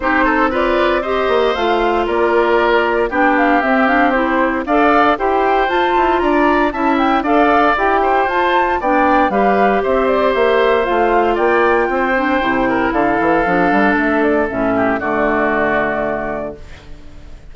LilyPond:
<<
  \new Staff \with { instrumentName = "flute" } { \time 4/4 \tempo 4 = 116 c''4 d''4 dis''4 f''4 | d''2 g''8 f''8 e''8 f''8 | c''4 f''4 g''4 a''4 | ais''4 a''8 g''8 f''4 g''4 |
a''4 g''4 f''4 e''8 d''8 | e''4 f''4 g''2~ | g''4 f''2 e''8 d''8 | e''4 d''2. | }
  \new Staff \with { instrumentName = "oboe" } { \time 4/4 g'8 a'8 b'4 c''2 | ais'2 g'2~ | g'4 d''4 c''2 | d''4 e''4 d''4. c''8~ |
c''4 d''4 b'4 c''4~ | c''2 d''4 c''4~ | c''8 ais'8 a'2.~ | a'8 g'8 fis'2. | }
  \new Staff \with { instrumentName = "clarinet" } { \time 4/4 dis'4 f'4 g'4 f'4~ | f'2 d'4 c'8 d'8 | e'4 a'4 g'4 f'4~ | f'4 e'4 a'4 g'4 |
f'4 d'4 g'2~ | g'4 f'2~ f'8 d'8 | e'2 d'2 | cis'4 a2. | }
  \new Staff \with { instrumentName = "bassoon" } { \time 4/4 c'2~ c'8 ais8 a4 | ais2 b4 c'4~ | c'4 d'4 e'4 f'8 e'8 | d'4 cis'4 d'4 e'4 |
f'4 b4 g4 c'4 | ais4 a4 ais4 c'4 | c4 d8 e8 f8 g8 a4 | a,4 d2. | }
>>